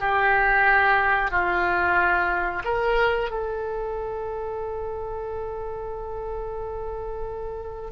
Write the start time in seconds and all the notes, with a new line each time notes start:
0.00 G4
1.31 F4
2.64 A#4
3.31 A4